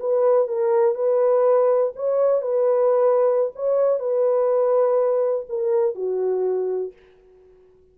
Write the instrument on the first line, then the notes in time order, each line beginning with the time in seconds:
horn
0.00 B4
0.48 A#4
0.95 B4
1.96 C#5
2.42 B4
3.55 C#5
4.00 B4
5.49 A#4
5.95 F#4